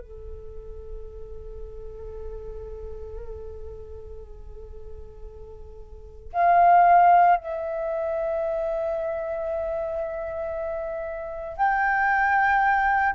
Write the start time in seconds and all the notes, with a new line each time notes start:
0.00 A4
6.33 F5
7.37 E5
11.57 G5